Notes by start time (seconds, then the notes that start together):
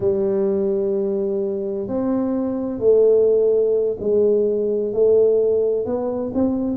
0.00 G3
1.87 C4
2.79 A3
3.99 G#3
4.93 A3
5.85 B3
6.34 C4